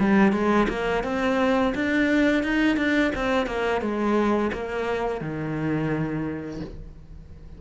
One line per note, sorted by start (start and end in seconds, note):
0.00 0.33 G3
0.33 0.68 G#3
0.69 1.04 A#3
1.04 1.74 C4
1.75 2.44 D4
2.44 2.77 D#4
2.77 3.12 D4
3.16 3.47 C4
3.47 3.82 A#3
3.82 4.51 G#3
4.53 5.21 A#3
5.21 6.61 D#3